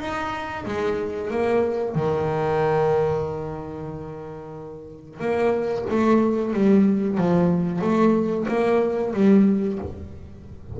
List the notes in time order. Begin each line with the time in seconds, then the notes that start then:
0.00 D#4
0.66 G#3
1.31 A#3
1.95 D#3
5.20 A#3
5.90 A3
6.53 G3
7.18 F3
7.81 A3
8.48 A#3
9.13 G3